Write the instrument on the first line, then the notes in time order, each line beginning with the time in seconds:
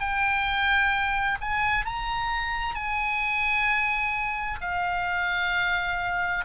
oboe
0.00 G5
1.41 G#5
1.86 A#5
2.75 G#5
4.62 F5